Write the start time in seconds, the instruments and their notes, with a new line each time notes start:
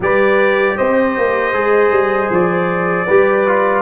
0.00 tuba G3, trombone G4, horn B4, trumpet D5
0.77 tuba C4, horn C5, trumpet D#5
1.17 tuba A#3
1.52 tuba G#3, trombone G#4
1.90 tuba G3
2.30 tuba F3, trumpet D5
3.06 tuba G3, trombone G4, horn B4
3.47 trombone F4